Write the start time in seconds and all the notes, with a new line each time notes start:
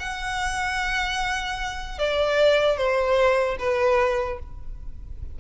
0.00 F#5
1.99 D5
2.77 C5
3.59 B4